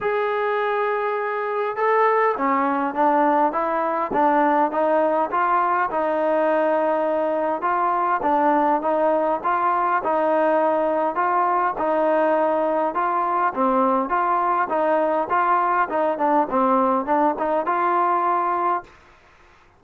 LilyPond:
\new Staff \with { instrumentName = "trombone" } { \time 4/4 \tempo 4 = 102 gis'2. a'4 | cis'4 d'4 e'4 d'4 | dis'4 f'4 dis'2~ | dis'4 f'4 d'4 dis'4 |
f'4 dis'2 f'4 | dis'2 f'4 c'4 | f'4 dis'4 f'4 dis'8 d'8 | c'4 d'8 dis'8 f'2 | }